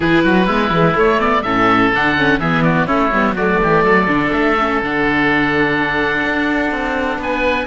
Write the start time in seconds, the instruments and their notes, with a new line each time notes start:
0.00 cello E3, viola E4, oboe G#4 B4
0.23 cello F#3, oboe F#4
0.46 cello G#3, viola B3, oboe E4
0.70 cello E3, viola G#3
0.94 viola A3, cello A3, oboe C#5
1.19 viola B3, oboe D5
1.42 cello A2, viola C#4, oboe A4 E5
1.92 cello D3, viola D4, oboe F#5
2.17 viola C#4
2.39 cello E3, viola B3, oboe G#4 E5
2.62 oboe F#4 D5
2.85 cello A3, viola C#4, oboe E4 C#5
3.12 cello G3, viola B3
3.33 cello F#3, viola A3, oboe F#4 D5
3.62 cello E3, oboe G4
3.83 cello F#3, oboe A4
4.07 cello D3, viola D4
4.32 cello A3, oboe E5
4.59 viola C#4
4.81 cello D3, viola D4, oboe F#5
6.24 cello D4
6.71 cello C4
7.18 cello B3, oboe B4 G#5